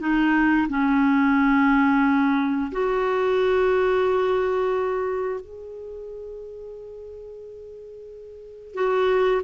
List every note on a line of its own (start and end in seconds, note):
0.00 0.67 D#4
0.69 2.72 C#4
2.72 5.41 F#4
5.41 8.75 G#4
8.75 9.42 F#4